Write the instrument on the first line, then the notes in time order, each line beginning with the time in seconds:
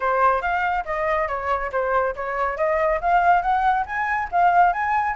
flute
0.00 C5
0.41 F5
0.85 D#5
1.28 C#5
1.72 C5
2.15 C#5
2.57 D#5
3.00 F5
3.42 F#5
3.86 G#5
4.31 F5
4.72 G#5